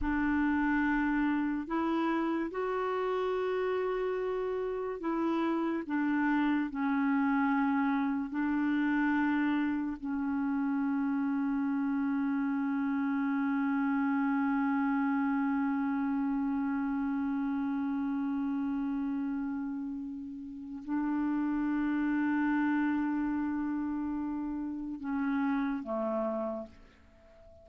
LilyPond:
\new Staff \with { instrumentName = "clarinet" } { \time 4/4 \tempo 4 = 72 d'2 e'4 fis'4~ | fis'2 e'4 d'4 | cis'2 d'2 | cis'1~ |
cis'1~ | cis'1~ | cis'4 d'2.~ | d'2 cis'4 a4 | }